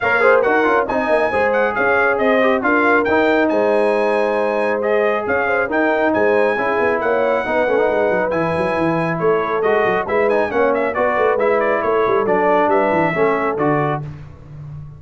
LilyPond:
<<
  \new Staff \with { instrumentName = "trumpet" } { \time 4/4 \tempo 4 = 137 f''4 fis''4 gis''4. fis''8 | f''4 dis''4 f''4 g''4 | gis''2. dis''4 | f''4 g''4 gis''2 |
fis''2. gis''4~ | gis''4 cis''4 dis''4 e''8 gis''8 | fis''8 e''8 d''4 e''8 d''8 cis''4 | d''4 e''2 d''4 | }
  \new Staff \with { instrumentName = "horn" } { \time 4/4 cis''8 c''8 ais'4 dis''4 c''4 | cis''4 c''4 ais'2 | c''1 | cis''8 c''8 ais'4 c''4 gis'4 |
cis''4 b'2.~ | b'4 a'2 b'4 | cis''4 b'2 a'4~ | a'4 b'4 a'2 | }
  \new Staff \with { instrumentName = "trombone" } { \time 4/4 ais'8 gis'8 fis'8 f'8 dis'4 gis'4~ | gis'4. g'8 f'4 dis'4~ | dis'2. gis'4~ | gis'4 dis'2 e'4~ |
e'4 dis'8 cis'16 dis'4~ dis'16 e'4~ | e'2 fis'4 e'8 dis'8 | cis'4 fis'4 e'2 | d'2 cis'4 fis'4 | }
  \new Staff \with { instrumentName = "tuba" } { \time 4/4 ais4 dis'8 cis'8 c'8 ais8 gis4 | cis'4 c'4 d'4 dis'4 | gis1 | cis'4 dis'4 gis4 cis'8 b8 |
ais4 b8 a8 gis8 fis8 e8 fis8 | e4 a4 gis8 fis8 gis4 | ais4 b8 a8 gis4 a8 g8 | fis4 g8 e8 a4 d4 | }
>>